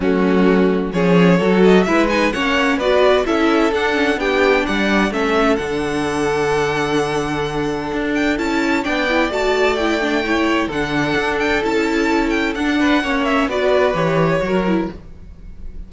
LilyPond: <<
  \new Staff \with { instrumentName = "violin" } { \time 4/4 \tempo 4 = 129 fis'2 cis''4. dis''8 | e''8 gis''8 fis''4 d''4 e''4 | fis''4 g''4 fis''4 e''4 | fis''1~ |
fis''4. g''8 a''4 g''4 | a''4 g''2 fis''4~ | fis''8 g''8 a''4. g''8 fis''4~ | fis''8 e''8 d''4 cis''2 | }
  \new Staff \with { instrumentName = "violin" } { \time 4/4 cis'2 gis'4 a'4 | b'4 cis''4 b'4 a'4~ | a'4 g'4 d''4 a'4~ | a'1~ |
a'2. d''4~ | d''2 cis''4 a'4~ | a'2.~ a'8 b'8 | cis''4 b'2 ais'4 | }
  \new Staff \with { instrumentName = "viola" } { \time 4/4 a2 cis'4 fis'4 | e'8 dis'8 cis'4 fis'4 e'4 | d'8 cis'8 d'2 cis'4 | d'1~ |
d'2 e'4 d'8 e'8 | fis'4 e'8 d'8 e'4 d'4~ | d'4 e'2 d'4 | cis'4 fis'4 g'4 fis'8 e'8 | }
  \new Staff \with { instrumentName = "cello" } { \time 4/4 fis2 f4 fis4 | gis4 ais4 b4 cis'4 | d'4 b4 g4 a4 | d1~ |
d4 d'4 cis'4 b4 | a2. d4 | d'4 cis'2 d'4 | ais4 b4 e4 fis4 | }
>>